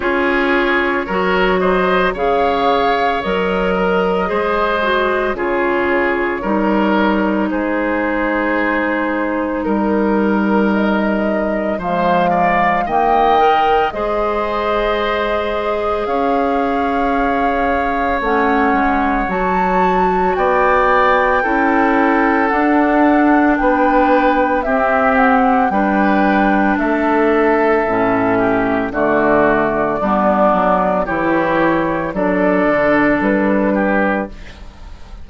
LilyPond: <<
  \new Staff \with { instrumentName = "flute" } { \time 4/4 \tempo 4 = 56 cis''4. dis''8 f''4 dis''4~ | dis''4 cis''2 c''4~ | c''4 ais'4 dis''4 f''4 | g''4 dis''2 f''4~ |
f''4 fis''4 a''4 g''4~ | g''4 fis''4 g''4 e''8 fis''8 | g''4 e''2 d''4~ | d''4 cis''4 d''4 b'4 | }
  \new Staff \with { instrumentName = "oboe" } { \time 4/4 gis'4 ais'8 c''8 cis''4. ais'8 | c''4 gis'4 ais'4 gis'4~ | gis'4 ais'2 c''8 d''8 | dis''4 c''2 cis''4~ |
cis''2. d''4 | a'2 b'4 g'4 | b'4 a'4. g'8 fis'4 | d'4 g'4 a'4. g'8 | }
  \new Staff \with { instrumentName = "clarinet" } { \time 4/4 f'4 fis'4 gis'4 ais'4 | gis'8 fis'8 f'4 dis'2~ | dis'2. gis4 | ais8 ais'8 gis'2.~ |
gis'4 cis'4 fis'2 | e'4 d'2 c'4 | d'2 cis'4 a4 | b4 e'4 d'2 | }
  \new Staff \with { instrumentName = "bassoon" } { \time 4/4 cis'4 fis4 cis4 fis4 | gis4 cis4 g4 gis4~ | gis4 g2 f4 | dis4 gis2 cis'4~ |
cis'4 a8 gis8 fis4 b4 | cis'4 d'4 b4 c'4 | g4 a4 a,4 d4 | g8 fis8 e4 fis8 d8 g4 | }
>>